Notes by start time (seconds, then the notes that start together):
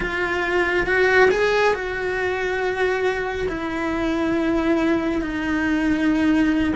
0.00 F4
0.86 F#4
1.30 G#4
1.74 F#4
3.48 E4
5.21 D#4